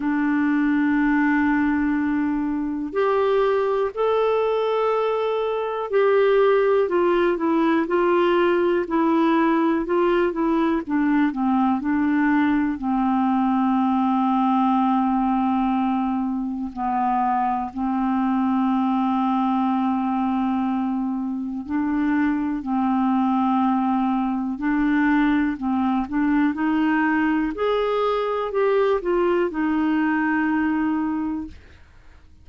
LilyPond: \new Staff \with { instrumentName = "clarinet" } { \time 4/4 \tempo 4 = 61 d'2. g'4 | a'2 g'4 f'8 e'8 | f'4 e'4 f'8 e'8 d'8 c'8 | d'4 c'2.~ |
c'4 b4 c'2~ | c'2 d'4 c'4~ | c'4 d'4 c'8 d'8 dis'4 | gis'4 g'8 f'8 dis'2 | }